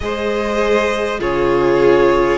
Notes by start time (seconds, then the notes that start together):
0.00 G#3 G#4 C5 D#5
1.19 C#3 F4 G#4 C#5